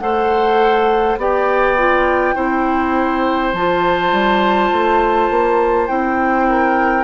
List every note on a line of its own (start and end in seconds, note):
0.00 1.18 A3
0.00 1.19 A4
0.00 1.20 C5
0.00 1.18 F#5
1.18 2.35 B3
1.18 1.78 G4
1.18 2.36 D5
1.18 3.54 G5
1.78 2.35 F4
2.35 3.54 C4
2.35 3.53 E4
2.35 6.47 C5
3.54 4.12 F3
3.54 5.88 F4
3.54 5.88 A5
4.12 4.71 G3
4.73 5.31 A3
5.31 5.89 A#3
5.88 7.04 C4
5.88 7.04 E4
5.88 7.04 G5
6.49 7.04 A#4